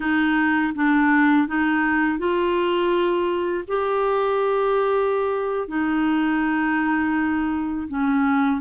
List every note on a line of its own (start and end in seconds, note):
0.00 0.73 D#4
0.75 1.47 D4
1.47 2.18 D#4
2.18 3.64 F4
3.67 5.68 G4
5.68 7.87 D#4
7.88 8.60 C#4